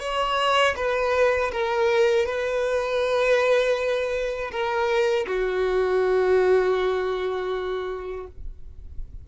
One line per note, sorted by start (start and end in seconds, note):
0.00 0.75 C#5
0.76 1.51 B4
1.52 2.26 A#4
2.26 4.51 B4
4.51 5.26 A#4
5.26 8.26 F#4